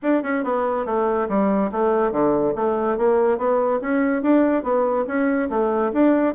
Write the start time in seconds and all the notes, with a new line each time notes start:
0.02 D4
0.22 C#4
0.44 B3
0.85 A3
1.28 G3
1.71 A3
2.11 D3
2.55 A3
2.97 A#3
3.37 B3
3.81 C#4
4.22 D4
4.63 B3
5.07 C#4
5.49 A3
5.92 D4